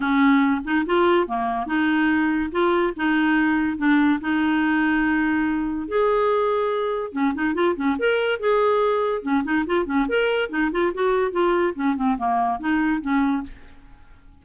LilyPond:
\new Staff \with { instrumentName = "clarinet" } { \time 4/4 \tempo 4 = 143 cis'4. dis'8 f'4 ais4 | dis'2 f'4 dis'4~ | dis'4 d'4 dis'2~ | dis'2 gis'2~ |
gis'4 cis'8 dis'8 f'8 cis'8 ais'4 | gis'2 cis'8 dis'8 f'8 cis'8 | ais'4 dis'8 f'8 fis'4 f'4 | cis'8 c'8 ais4 dis'4 cis'4 | }